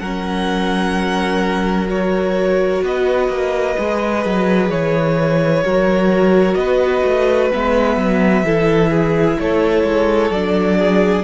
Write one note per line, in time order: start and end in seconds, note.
0.00 2.82 F#3
0.00 1.88 C#4
0.00 2.83 A#4
0.00 1.88 F#5
1.88 3.75 F#4
1.88 2.84 C#5
2.83 3.29 B3
2.83 5.64 B4
2.83 4.71 D#5
3.29 3.75 A#3
3.79 4.26 G#3
3.79 5.65 G#4
4.26 4.70 F#3
4.70 5.63 E3
4.70 6.55 C#5
5.65 6.56 F#3
5.65 7.52 F#4
5.65 6.59 A#4
6.55 7.03 B3
6.55 8.45 B4
6.55 7.49 D#5
7.04 7.51 A3
7.52 7.98 G#3
7.52 8.46 B3
7.52 9.40 E5
7.98 8.44 F#3
8.44 9.38 E3
8.44 10.34 E4
8.44 8.91 A4
8.91 9.38 G#4
9.40 9.84 A3
9.40 10.79 A4
9.40 10.32 C#5
9.84 10.31 G#3
10.31 11.24 F#3
10.31 11.25 D4
10.31 11.25 D5
10.79 11.25 G#4